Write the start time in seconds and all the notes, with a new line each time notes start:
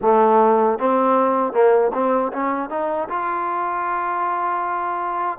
0.01 A3
0.79 C4
1.52 A#3
1.93 C4
2.33 C#4
2.69 D#4
3.09 F4